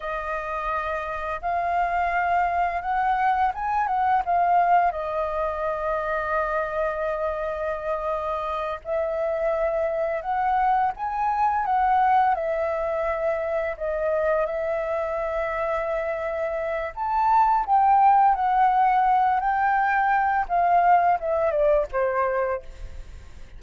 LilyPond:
\new Staff \with { instrumentName = "flute" } { \time 4/4 \tempo 4 = 85 dis''2 f''2 | fis''4 gis''8 fis''8 f''4 dis''4~ | dis''1~ | dis''8 e''2 fis''4 gis''8~ |
gis''8 fis''4 e''2 dis''8~ | dis''8 e''2.~ e''8 | a''4 g''4 fis''4. g''8~ | g''4 f''4 e''8 d''8 c''4 | }